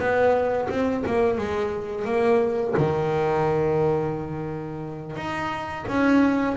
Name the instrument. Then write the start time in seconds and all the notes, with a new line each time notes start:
double bass
0.00 B3
0.70 C4
1.07 A#3
1.38 G#3
2.05 A#3
2.77 D#3
5.16 D#4
5.88 C#4